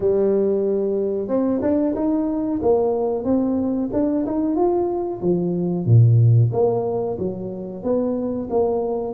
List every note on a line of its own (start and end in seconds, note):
0.00 1.27 G3
1.27 1.60 C4
1.62 1.94 D4
1.95 2.60 D#4
2.61 3.24 A#3
3.24 3.89 C4
3.92 4.25 D4
4.26 4.55 D#4
4.55 5.20 F4
5.21 5.85 F3
5.85 6.50 A#2
6.52 7.17 A#3
7.18 7.83 F#3
7.83 8.48 B3
8.50 9.13 A#3